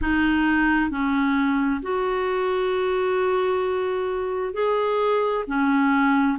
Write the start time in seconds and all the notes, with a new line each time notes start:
0.01 D#4
0.90 C#4
1.82 F#4
4.53 G#4
5.47 C#4